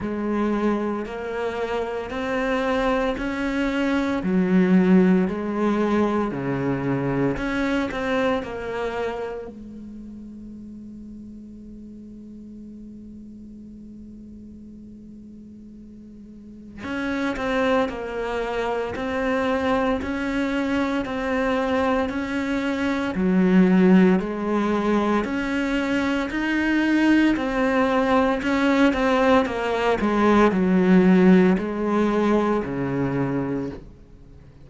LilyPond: \new Staff \with { instrumentName = "cello" } { \time 4/4 \tempo 4 = 57 gis4 ais4 c'4 cis'4 | fis4 gis4 cis4 cis'8 c'8 | ais4 gis2.~ | gis1 |
cis'8 c'8 ais4 c'4 cis'4 | c'4 cis'4 fis4 gis4 | cis'4 dis'4 c'4 cis'8 c'8 | ais8 gis8 fis4 gis4 cis4 | }